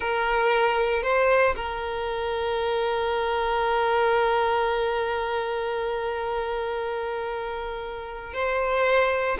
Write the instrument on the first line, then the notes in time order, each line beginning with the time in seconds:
violin
0.00 A#4
1.02 C5
1.56 A#4
8.33 C5